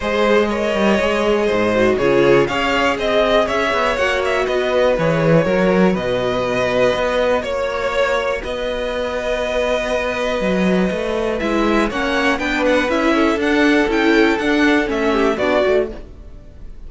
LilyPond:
<<
  \new Staff \with { instrumentName = "violin" } { \time 4/4 \tempo 4 = 121 dis''1 | cis''4 f''4 dis''4 e''4 | fis''8 e''8 dis''4 cis''2 | dis''2. cis''4~ |
cis''4 dis''2.~ | dis''2. e''4 | fis''4 g''8 fis''8 e''4 fis''4 | g''4 fis''4 e''4 d''4 | }
  \new Staff \with { instrumentName = "violin" } { \time 4/4 c''4 cis''2 c''4 | gis'4 cis''4 dis''4 cis''4~ | cis''4 b'2 ais'4 | b'2. cis''4~ |
cis''4 b'2.~ | b'1 | cis''4 b'4. a'4.~ | a'2~ a'8 g'8 fis'4 | }
  \new Staff \with { instrumentName = "viola" } { \time 4/4 gis'4 ais'4 gis'4. fis'8 | f'4 gis'2. | fis'2 gis'4 fis'4~ | fis'1~ |
fis'1~ | fis'2. e'4 | cis'4 d'4 e'4 d'4 | e'4 d'4 cis'4 d'8 fis'8 | }
  \new Staff \with { instrumentName = "cello" } { \time 4/4 gis4. g8 gis4 gis,4 | cis4 cis'4 c'4 cis'8 b8 | ais4 b4 e4 fis4 | b,2 b4 ais4~ |
ais4 b2.~ | b4 fis4 a4 gis4 | ais4 b4 cis'4 d'4 | cis'4 d'4 a4 b8 a8 | }
>>